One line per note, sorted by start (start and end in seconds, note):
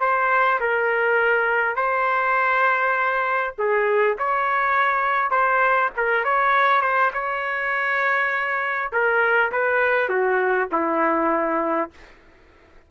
0.00 0.59 C5
0.60 1.75 A#4
1.75 3.53 C5
3.58 4.17 G#4
4.18 5.30 C#5
5.30 5.90 C5
5.96 6.24 A#4
6.24 6.81 C#5
6.81 7.11 C5
7.13 8.91 C#5
8.92 9.51 A#4
9.51 10.09 B4
10.09 10.68 F#4
10.71 11.90 E4